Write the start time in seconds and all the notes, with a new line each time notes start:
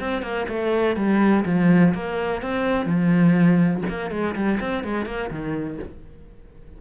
0.00 C4
0.22 A#3
0.49 A3
0.96 G3
1.46 F3
1.94 A#3
2.42 C4
2.86 F3
3.89 A#3
4.11 G#3
4.35 G3
4.60 C4
4.84 G#3
5.06 A#3
5.31 D#3